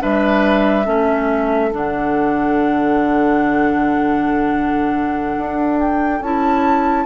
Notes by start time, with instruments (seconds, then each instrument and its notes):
0.00 bassoon G3, clarinet D4, oboe B4, flute E5
0.85 bassoon A3, clarinet C#4, oboe A4
1.72 bassoon D3, clarinet D4, flute F#5
5.38 bassoon D4
5.80 flute G5
6.21 bassoon C#4, clarinet E4, flute A5